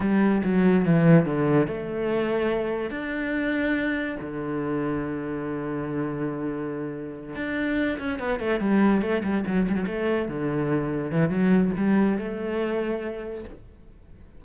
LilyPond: \new Staff \with { instrumentName = "cello" } { \time 4/4 \tempo 4 = 143 g4 fis4 e4 d4 | a2. d'4~ | d'2 d2~ | d1~ |
d4. d'4. cis'8 b8 | a8 g4 a8 g8 fis8 g16 fis16 a8~ | a8 d2 e8 fis4 | g4 a2. | }